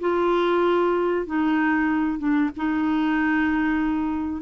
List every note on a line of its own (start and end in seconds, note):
0.00 1.26 F4
1.26 2.18 D#4
2.18 2.50 D4
2.56 4.42 D#4